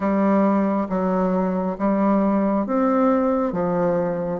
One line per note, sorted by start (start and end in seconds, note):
0.00 0.87 G3
0.89 1.77 F#3
1.78 2.66 G3
2.66 3.52 C4
3.52 4.40 F3